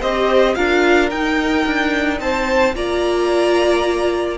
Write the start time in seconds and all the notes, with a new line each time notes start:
0.00 C4 G4 C5 D#5
0.55 D4 F4 A#4 F5
1.10 D#4 G5
1.66 D4
2.20 C4 C5 A5
2.75 A#3 F4 D5 A#5